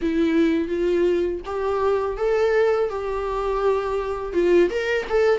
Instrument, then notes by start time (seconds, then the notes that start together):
viola
0.01 E4
0.68 F4
1.45 G4
2.17 A4
2.89 G4
4.33 F4
4.70 A#4
5.09 A4